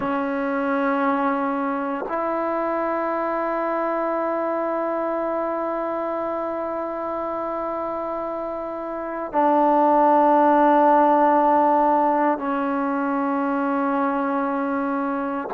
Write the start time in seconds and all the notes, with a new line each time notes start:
0.00 C#4
2.08 E4
9.32 D4
12.38 C#4